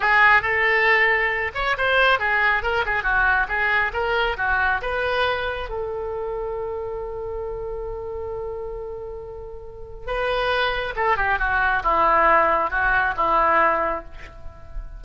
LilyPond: \new Staff \with { instrumentName = "oboe" } { \time 4/4 \tempo 4 = 137 gis'4 a'2~ a'8 cis''8 | c''4 gis'4 ais'8 gis'8 fis'4 | gis'4 ais'4 fis'4 b'4~ | b'4 a'2.~ |
a'1~ | a'2. b'4~ | b'4 a'8 g'8 fis'4 e'4~ | e'4 fis'4 e'2 | }